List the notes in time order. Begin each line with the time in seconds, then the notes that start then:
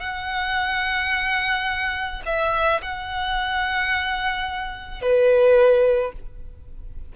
0.00 F#5
2.26 E5
2.82 F#5
5.02 B4